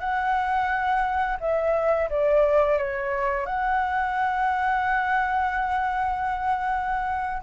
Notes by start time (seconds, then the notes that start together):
0.00 F#5
1.40 E5
2.10 D5
2.78 C#5
3.46 F#5